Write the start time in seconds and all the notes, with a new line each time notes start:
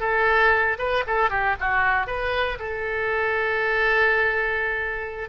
0.00 A4
0.78 B4
1.07 A4
1.30 G4
1.60 F#4
2.06 B4
2.59 A4